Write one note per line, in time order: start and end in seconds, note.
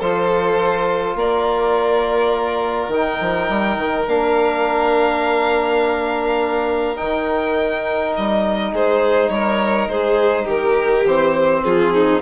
0.00 1.16 F3
0.00 2.92 F4
0.00 1.17 A4
0.00 1.18 C5
1.16 2.88 A#3
1.16 8.72 A#4
1.16 2.93 D5
2.88 3.17 D#3
2.88 4.07 D#4
2.88 4.09 G5
3.21 3.50 F3
3.50 3.77 G3
3.77 4.06 D#3
4.07 6.99 A#3
4.07 6.97 D4
4.07 6.97 F5
6.97 8.17 D#3
6.97 11.04 D#4
6.97 8.13 G5
8.16 8.72 G3
8.16 8.75 D#5
8.72 9.29 G#3
8.72 9.30 G#4
8.72 9.30 C5
9.29 9.88 G3
9.29 9.91 A#4
9.29 9.88 C#5
9.88 10.46 G#3
9.88 10.45 G#4
9.88 10.47 C5
10.45 11.05 D#3
10.45 11.61 G4
10.45 11.06 A#4
11.05 11.64 E3
11.05 12.22 C4
11.05 11.64 C5
11.64 12.22 F3
11.64 11.94 F4
11.64 12.22 G#4
11.94 12.22 D#4